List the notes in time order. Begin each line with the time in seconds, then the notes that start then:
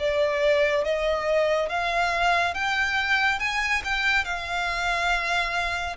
0.00 D5
0.85 D#5
1.69 F5
2.55 G5
3.40 G#5
3.85 G5
4.25 F5